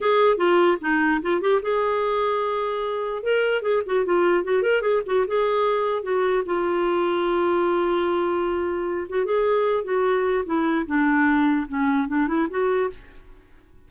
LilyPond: \new Staff \with { instrumentName = "clarinet" } { \time 4/4 \tempo 4 = 149 gis'4 f'4 dis'4 f'8 g'8 | gis'1 | ais'4 gis'8 fis'8 f'4 fis'8 ais'8 | gis'8 fis'8 gis'2 fis'4 |
f'1~ | f'2~ f'8 fis'8 gis'4~ | gis'8 fis'4. e'4 d'4~ | d'4 cis'4 d'8 e'8 fis'4 | }